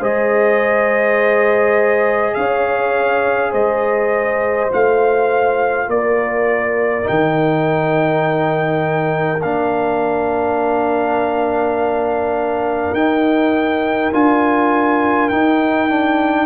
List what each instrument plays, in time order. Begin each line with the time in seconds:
0.00 tuba G#3, trombone G#4, horn C5, trumpet D#5
2.35 tuba C#4, horn C#5, trumpet F5
3.52 tuba G#3, horn C5, trumpet D#5
4.69 tuba A3, trombone F4, trumpet F5
5.87 tuba A#3, horn A#4, trumpet D5
7.04 tuba D#3, trombone D#4, trumpet G5
9.42 tuba A#3, trombone D4, trumpet F5
12.93 tuba D#4, trombone D#4, trumpet G5
14.13 tuba D4, trombone F4, trumpet G#5
15.30 trombone D#4, tuba D#4, trumpet G5
15.89 trombone D4